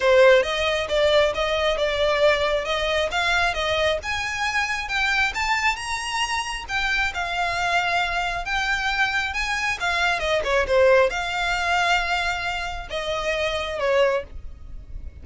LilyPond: \new Staff \with { instrumentName = "violin" } { \time 4/4 \tempo 4 = 135 c''4 dis''4 d''4 dis''4 | d''2 dis''4 f''4 | dis''4 gis''2 g''4 | a''4 ais''2 g''4 |
f''2. g''4~ | g''4 gis''4 f''4 dis''8 cis''8 | c''4 f''2.~ | f''4 dis''2 cis''4 | }